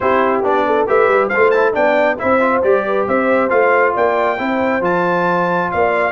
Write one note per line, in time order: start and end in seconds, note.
0.00 0.41 C4
0.00 0.43 E4
0.00 0.66 G4
0.00 0.42 C5
0.41 0.85 B3
0.41 0.86 D4
0.41 0.88 D5
0.66 0.87 A4
0.86 1.08 A3
0.86 1.30 G4
0.86 1.27 B4
0.86 1.29 E5
1.08 1.30 G3
1.27 1.71 C5
1.27 1.50 F5
1.35 1.75 A3
1.35 1.54 F4
1.50 1.73 E4
1.50 1.72 A5
1.73 2.19 B3
1.73 2.17 D4
1.73 2.18 D5
1.73 2.18 G5
2.18 2.62 C4
2.18 2.40 E4
2.18 2.85 C5
2.18 2.62 E5
2.40 2.62 F4
2.62 3.06 G3
2.62 3.49 G4
2.62 3.06 D5
2.86 3.07 B4
3.07 3.51 C4
3.07 3.94 C5
3.07 3.49 E5
3.49 3.94 A3
3.49 4.37 F4
3.49 3.93 F5
3.94 4.39 A#3
3.94 4.37 D5
3.94 4.84 G5
4.38 4.80 C4
4.38 4.81 E4
4.38 5.70 C5
4.80 5.67 F3
4.80 6.11 F4
4.80 5.71 A5
5.71 6.11 A#3
5.71 6.11 D5
5.71 6.11 F5